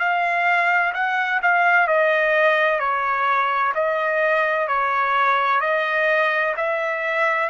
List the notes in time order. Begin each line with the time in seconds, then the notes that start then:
0.00 F5
0.94 F#5
1.43 F5
1.88 D#5
2.80 C#5
3.75 D#5
4.68 C#5
5.61 D#5
6.57 E5